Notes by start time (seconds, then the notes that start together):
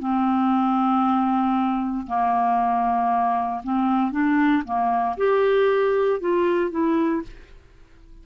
0.00 C4
2.07 A#3
3.64 C4
4.12 D4
4.65 A#3
5.17 G4
6.21 F4
6.71 E4